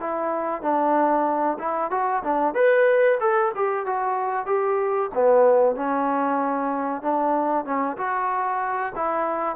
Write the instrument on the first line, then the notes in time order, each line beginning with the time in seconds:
trombone
0.00 E4
0.62 D4
1.59 E4
1.91 F#4
2.24 D4
2.55 B4
3.20 A4
3.55 G4
3.86 F#4
4.46 G4
5.15 B3
5.76 C#4
7.02 D4
7.65 C#4
7.97 F#4
8.96 E4